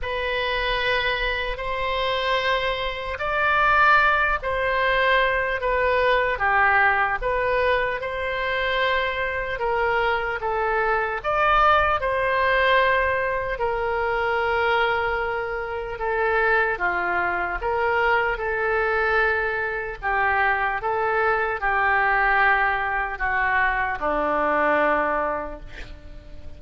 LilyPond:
\new Staff \with { instrumentName = "oboe" } { \time 4/4 \tempo 4 = 75 b'2 c''2 | d''4. c''4. b'4 | g'4 b'4 c''2 | ais'4 a'4 d''4 c''4~ |
c''4 ais'2. | a'4 f'4 ais'4 a'4~ | a'4 g'4 a'4 g'4~ | g'4 fis'4 d'2 | }